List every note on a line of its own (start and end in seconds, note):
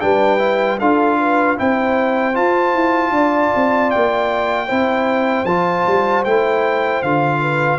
0.00 0.80 G3
0.00 0.38 D4
0.00 0.79 B4
0.00 0.78 G5
0.38 0.77 E4
0.79 1.58 D4
0.79 1.56 F4
0.79 1.18 A4
0.79 1.57 F5
1.19 1.58 B4
1.56 2.36 C4
1.56 2.33 E4
1.56 3.13 C5
1.56 2.35 G5
2.33 4.67 F4
2.33 2.73 F4
2.33 3.90 A5
2.73 3.10 E4
3.10 3.49 D4
3.10 4.66 D5
3.55 3.94 C4
3.90 4.70 A#3
3.90 5.45 G5
4.66 5.44 C4
4.66 5.45 E4
4.66 7.39 C5
5.44 5.83 F3
5.44 6.26 F4
5.44 6.23 A5
5.86 6.25 G3
6.24 7.02 A3
6.24 7.04 E4
6.24 7.02 G5
7.02 7.79 D3
7.02 7.79 F4
7.02 7.79 F5
7.41 7.79 B4